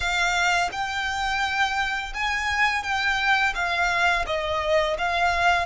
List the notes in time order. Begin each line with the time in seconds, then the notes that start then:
0.00 F5
0.72 G5
2.14 G#5
2.83 G5
3.54 F5
4.26 D#5
4.98 F5